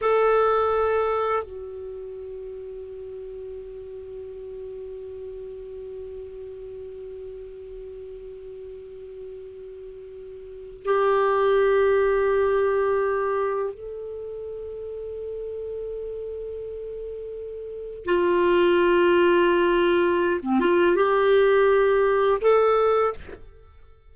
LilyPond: \new Staff \with { instrumentName = "clarinet" } { \time 4/4 \tempo 4 = 83 a'2 fis'2~ | fis'1~ | fis'1~ | fis'2. g'4~ |
g'2. a'4~ | a'1~ | a'4 f'2.~ | f'16 c'16 f'8 g'2 a'4 | }